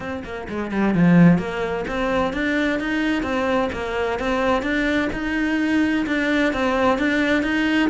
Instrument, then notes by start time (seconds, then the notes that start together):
cello
0.00 C4
0.24 A#3
0.48 G#3
0.71 G3
0.94 F3
1.38 A#3
1.87 C4
2.33 D4
2.79 D#4
3.23 C4
3.72 A#3
4.19 C4
4.62 D4
5.12 D#4
6.06 D4
6.53 C4
6.98 D4
7.42 D#4